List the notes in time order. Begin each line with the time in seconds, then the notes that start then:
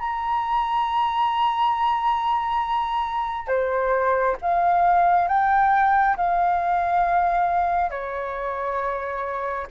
0.00 A#5
3.48 C5
4.42 F5
5.29 G5
6.17 F5
7.91 C#5